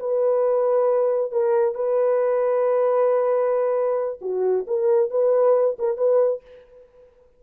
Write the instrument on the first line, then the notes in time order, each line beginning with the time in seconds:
horn
0.00 B4
1.32 A#4
1.75 B4
4.22 F#4
4.67 A#4
5.11 B4
5.79 A#4
5.97 B4